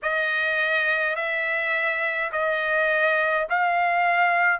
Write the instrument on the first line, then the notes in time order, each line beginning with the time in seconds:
trumpet
0.02 D#5
1.15 E5
2.31 D#5
3.49 F5